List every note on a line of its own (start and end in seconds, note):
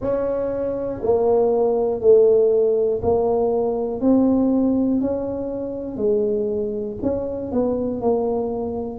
0.00 1.00 C#4
1.02 2.00 A#3
2.00 3.00 A3
3.02 4.00 A#3
4.00 5.00 C4
5.00 5.96 C#4
5.96 6.96 G#3
7.02 7.52 C#4
7.52 8.01 B3
8.01 8.99 A#3